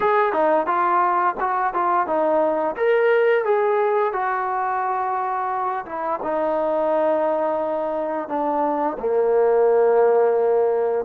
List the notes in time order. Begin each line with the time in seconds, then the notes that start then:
0.00 G#4
0.33 D#4
0.66 F4
1.39 F#4
1.73 F4
2.06 D#4
2.76 A#4
3.45 G#4
4.12 F#4
5.85 E4
6.22 D#4
8.28 D4
8.99 A#3